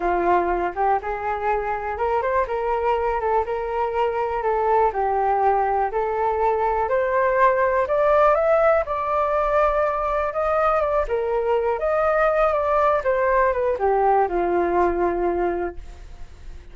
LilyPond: \new Staff \with { instrumentName = "flute" } { \time 4/4 \tempo 4 = 122 f'4. g'8 gis'2 | ais'8 c''8 ais'4. a'8 ais'4~ | ais'4 a'4 g'2 | a'2 c''2 |
d''4 e''4 d''2~ | d''4 dis''4 d''8 ais'4. | dis''4. d''4 c''4 b'8 | g'4 f'2. | }